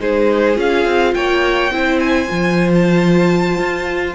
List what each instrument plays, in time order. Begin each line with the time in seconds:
0.00 cello G#3, viola D#4, violin G#4 C5
0.55 cello C#4, viola F4, violin F5
0.85 cello C4
1.14 cello A#3, violin C#5 G5
1.71 cello C4, viola E4, violin C5
1.99 violin G#5
2.28 cello F3, viola F4
2.75 violin A5
3.58 cello F4